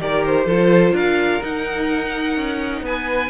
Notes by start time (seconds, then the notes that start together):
0.00 D#3 G4 A#4 D5
0.26 C5
0.46 F3 F4 A4
0.93 D4 A#4 F5
1.42 D#4 F#5
2.37 C#4
2.82 B3 B4 G#5